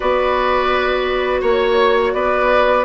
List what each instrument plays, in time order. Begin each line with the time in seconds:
0.00 bassoon B3, clarinet F#4, oboe B4, flute D5
1.41 bassoon A#3, oboe C#5, flute C#5
2.13 bassoon B3, oboe B4, flute D5